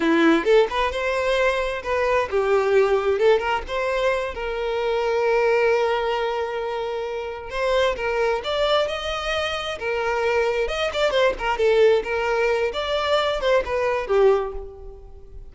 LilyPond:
\new Staff \with { instrumentName = "violin" } { \time 4/4 \tempo 4 = 132 e'4 a'8 b'8 c''2 | b'4 g'2 a'8 ais'8 | c''4. ais'2~ ais'8~ | ais'1~ |
ais'8 c''4 ais'4 d''4 dis''8~ | dis''4. ais'2 dis''8 | d''8 c''8 ais'8 a'4 ais'4. | d''4. c''8 b'4 g'4 | }